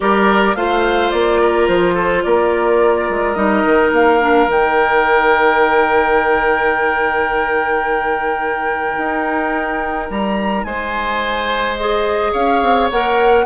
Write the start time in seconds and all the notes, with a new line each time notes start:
0.00 G3 G4 A#4 D5
0.55 A3 F4 C5 F5
1.10 A#3 D5
1.41 A#4
1.67 F3 C5
1.94 A4
2.23 A#3 A#4 D5
3.09 G#3
3.34 G3 D#4 D#5
3.64 D#3
3.92 A#3 F5
4.21 D4
4.46 D#3 D#4 G5
8.97 D#4
10.10 G3 A#5
10.64 G#3 C5 G#5
11.77 G#4 D#5
12.31 C#4 C#5 F5
12.62 C4
12.90 A#3 A#4 F#5